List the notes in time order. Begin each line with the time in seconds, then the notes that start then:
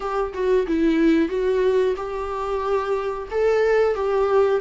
0.00 G4
0.33 F#4
0.67 E4
1.29 F#4
1.96 G4
3.30 A4
3.94 G4